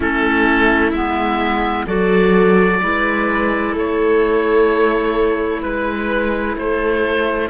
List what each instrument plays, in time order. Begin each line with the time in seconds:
0.00 cello A3, clarinet C#4, viola E4, oboe A4
0.91 cello G#3, clarinet B3, oboe E5
1.86 cello F#3, clarinet F#4, viola A4, oboe D5
2.81 cello G#3, clarinet E4, viola B4
3.72 cello A3, viola A4
3.78 oboe C#5
5.62 cello G#3, oboe B4, viola B4
6.56 cello A3, viola A4, oboe C5